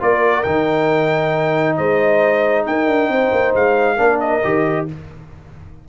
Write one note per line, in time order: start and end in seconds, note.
0.00 0.45 A#3
0.00 0.44 F4
0.00 1.77 A#4
0.00 0.43 D5
0.43 1.78 D#3
0.43 3.97 D#4
0.43 1.76 G5
1.77 2.66 G#3
1.77 2.65 C5
1.77 2.65 D#5
2.66 2.86 D#4
2.66 3.11 A#4
2.66 3.55 G5
2.86 3.09 D4
3.09 3.31 C4
3.09 3.96 C5
3.32 3.54 A#3
3.54 3.98 G#3
3.54 4.20 F5
3.96 4.43 A#3
3.96 4.41 D4
3.96 4.84 A#4
4.20 4.86 D#5
4.44 4.88 D#3
4.44 4.88 G4